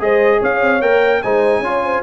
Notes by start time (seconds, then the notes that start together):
0.00 G#3 G#4 C5 D#5
0.40 C#4 C#5 F5
0.62 C4
0.82 A#3 A#4 G5
1.23 G#3 D#4 C5 G#5
1.60 C#4 F4 C#5
1.84 C5